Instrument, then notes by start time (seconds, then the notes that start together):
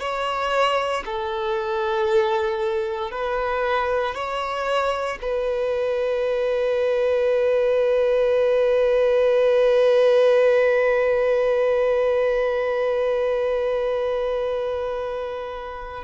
violin
0.00 C#5
1.05 A4
3.11 B4
4.15 C#5
5.21 B4